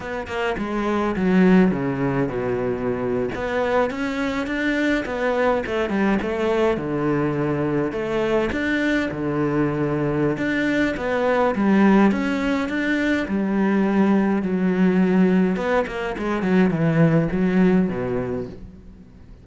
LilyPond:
\new Staff \with { instrumentName = "cello" } { \time 4/4 \tempo 4 = 104 b8 ais8 gis4 fis4 cis4 | b,4.~ b,16 b4 cis'4 d'16~ | d'8. b4 a8 g8 a4 d16~ | d4.~ d16 a4 d'4 d16~ |
d2 d'4 b4 | g4 cis'4 d'4 g4~ | g4 fis2 b8 ais8 | gis8 fis8 e4 fis4 b,4 | }